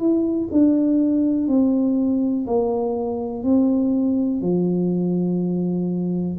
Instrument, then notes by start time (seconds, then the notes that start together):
tuba
0.00 E4
0.52 D4
1.48 C4
2.47 A#3
3.44 C4
4.42 F3